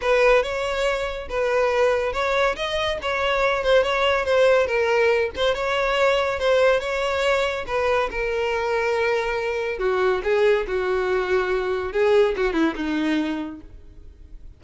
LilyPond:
\new Staff \with { instrumentName = "violin" } { \time 4/4 \tempo 4 = 141 b'4 cis''2 b'4~ | b'4 cis''4 dis''4 cis''4~ | cis''8 c''8 cis''4 c''4 ais'4~ | ais'8 c''8 cis''2 c''4 |
cis''2 b'4 ais'4~ | ais'2. fis'4 | gis'4 fis'2. | gis'4 fis'8 e'8 dis'2 | }